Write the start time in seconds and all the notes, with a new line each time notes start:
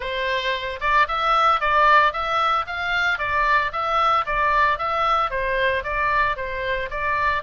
0.00 C5
0.80 D5
1.08 E5
1.60 D5
2.12 E5
2.67 F5
3.18 D5
3.72 E5
4.26 D5
4.78 E5
5.30 C5
5.83 D5
6.36 C5
6.90 D5